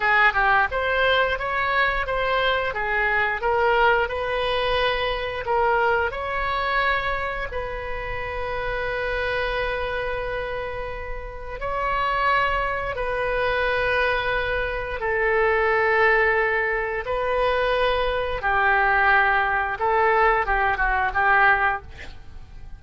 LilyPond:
\new Staff \with { instrumentName = "oboe" } { \time 4/4 \tempo 4 = 88 gis'8 g'8 c''4 cis''4 c''4 | gis'4 ais'4 b'2 | ais'4 cis''2 b'4~ | b'1~ |
b'4 cis''2 b'4~ | b'2 a'2~ | a'4 b'2 g'4~ | g'4 a'4 g'8 fis'8 g'4 | }